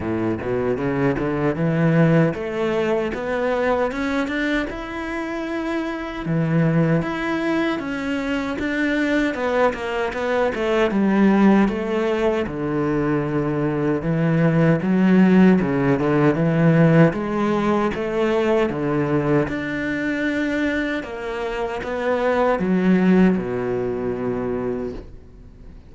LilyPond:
\new Staff \with { instrumentName = "cello" } { \time 4/4 \tempo 4 = 77 a,8 b,8 cis8 d8 e4 a4 | b4 cis'8 d'8 e'2 | e4 e'4 cis'4 d'4 | b8 ais8 b8 a8 g4 a4 |
d2 e4 fis4 | cis8 d8 e4 gis4 a4 | d4 d'2 ais4 | b4 fis4 b,2 | }